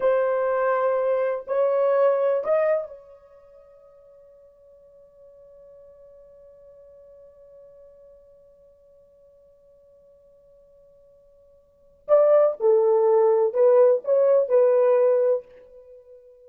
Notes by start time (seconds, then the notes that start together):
0.00 C5
1.47 C#5
2.44 D#5
2.87 C#5
12.08 D5
12.60 A4
13.53 B4
14.04 C#5
14.48 B4